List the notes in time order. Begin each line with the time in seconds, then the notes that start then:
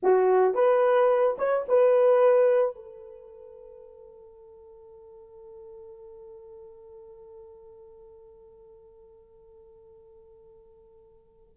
0.02 F#4
0.54 B4
1.38 C#5
1.68 B4
2.75 A4